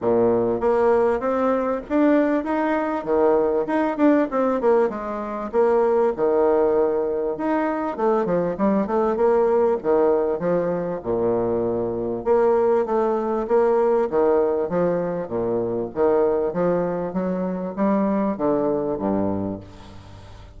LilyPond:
\new Staff \with { instrumentName = "bassoon" } { \time 4/4 \tempo 4 = 98 ais,4 ais4 c'4 d'4 | dis'4 dis4 dis'8 d'8 c'8 ais8 | gis4 ais4 dis2 | dis'4 a8 f8 g8 a8 ais4 |
dis4 f4 ais,2 | ais4 a4 ais4 dis4 | f4 ais,4 dis4 f4 | fis4 g4 d4 g,4 | }